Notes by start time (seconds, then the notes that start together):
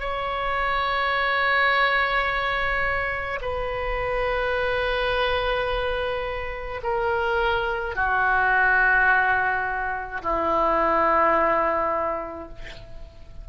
0.00 C#5
3.42 B4
6.83 A#4
7.96 F#4
10.22 E4